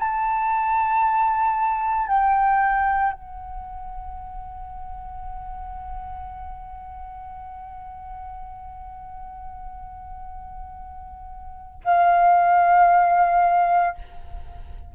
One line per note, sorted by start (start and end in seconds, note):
0.00 2.08 A5
2.08 3.13 G5
3.13 11.81 F#5
11.85 13.96 F5